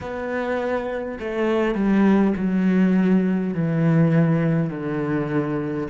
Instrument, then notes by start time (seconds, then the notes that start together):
cello
0.00 B3
1.19 A3
1.74 G3
2.36 F#3
3.53 E3
4.70 D3